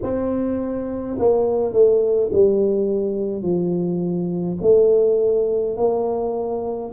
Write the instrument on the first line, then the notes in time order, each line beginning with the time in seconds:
tuba
0.02 C4
1.19 A#3
1.73 A3
2.32 G3
3.42 F3
4.61 A3
5.76 A#3